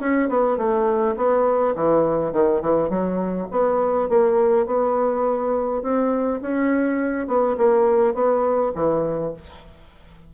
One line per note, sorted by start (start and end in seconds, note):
0.00 0.29 C#4
0.29 0.58 B3
0.58 1.16 A3
1.17 1.75 B3
1.76 2.33 E3
2.33 2.62 D#3
2.62 2.90 E3
2.90 3.48 F#3
3.51 4.09 B3
4.09 4.67 A#3
4.67 5.83 B3
5.83 6.41 C4
6.42 7.28 C#4
7.28 7.57 B3
7.58 8.14 A#3
8.14 8.73 B3
8.75 9.34 E3